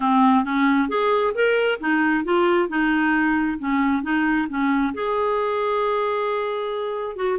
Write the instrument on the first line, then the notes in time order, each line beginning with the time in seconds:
clarinet
0.00 C4
0.44 C#4
0.88 G#4
1.34 A#4
1.80 D#4
2.24 F4
2.68 D#4
3.58 C#4
4.02 D#4
4.49 C#4
4.94 G#4
7.16 F#4